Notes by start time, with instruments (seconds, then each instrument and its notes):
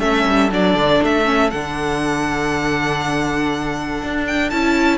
0.00 cello A3, viola C#4, violin A4 E5
0.26 cello G3
0.51 cello F#3, viola D4, violin D5
0.75 cello D3
1.03 cello A3, violin E5
1.25 viola C#4
1.50 cello D3, viola D4, violin F#5
4.03 cello D4
4.27 violin G5
4.50 cello C#4, viola E4, violin A5